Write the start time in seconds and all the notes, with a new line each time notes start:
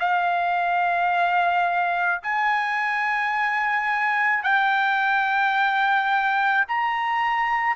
0.00 F5
2.23 G#5
4.43 G5
6.68 A#5